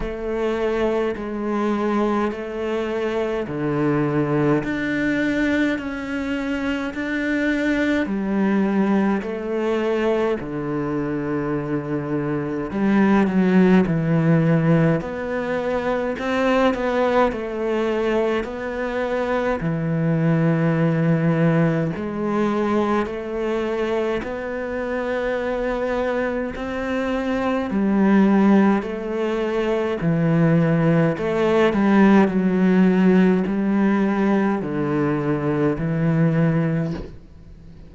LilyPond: \new Staff \with { instrumentName = "cello" } { \time 4/4 \tempo 4 = 52 a4 gis4 a4 d4 | d'4 cis'4 d'4 g4 | a4 d2 g8 fis8 | e4 b4 c'8 b8 a4 |
b4 e2 gis4 | a4 b2 c'4 | g4 a4 e4 a8 g8 | fis4 g4 d4 e4 | }